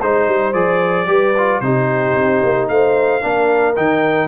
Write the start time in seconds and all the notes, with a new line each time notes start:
0.00 G#3 D#4 C5
0.27 G3
0.53 F3 G#4 D5
1.06 G3 G4 B4
1.38 F4
1.60 C3 D#4 G4 C5
2.15 C4
2.43 A#3
2.68 A3 C5 F5
3.21 A#3 D4 A#4
3.76 D#3 D#4 G5